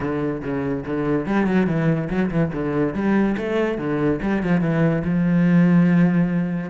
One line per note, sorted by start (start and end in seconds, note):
0.00 0.42 D3
0.42 0.84 C#3
0.86 1.25 D3
1.25 1.46 G3
1.46 1.66 F#3
1.66 2.08 E3
2.09 2.30 F#3
2.30 2.51 E3
2.53 2.94 D3
2.94 3.36 G3
3.37 3.78 A3
3.78 4.20 D3
4.22 4.42 G3
4.42 4.61 F3
4.61 5.03 E3
5.04 6.69 F3